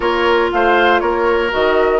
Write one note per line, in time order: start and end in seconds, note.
0.00 0.51 A#3
0.00 1.50 F4
0.00 0.51 A#4
0.00 0.50 C#5
0.52 1.01 A3
0.52 1.01 C5
0.52 1.00 F5
1.00 1.51 A#3
1.00 2.00 A#4
1.00 1.50 C#5
1.50 2.00 D#3
1.50 2.00 F#4
1.50 2.00 D#5